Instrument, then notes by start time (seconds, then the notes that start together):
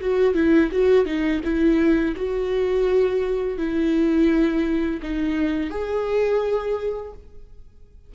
viola
0.00 F#4
0.34 E4
0.71 F#4
1.06 D#4
1.44 E4
2.16 F#4
3.57 E4
5.02 D#4
5.70 G#4